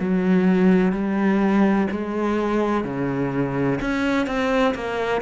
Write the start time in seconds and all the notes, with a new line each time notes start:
0.00 F#3
0.92 G3
1.91 G#3
2.84 C#3
3.81 C#4
4.27 C4
4.75 A#3